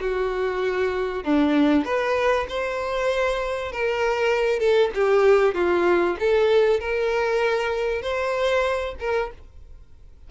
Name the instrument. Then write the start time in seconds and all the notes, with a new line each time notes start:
violin
0.00 F#4
1.24 D4
1.84 B4
2.49 C5
3.72 A#4
4.59 A4
4.94 G4
5.54 F4
6.19 A4
6.80 A#4
8.02 C5
8.99 A#4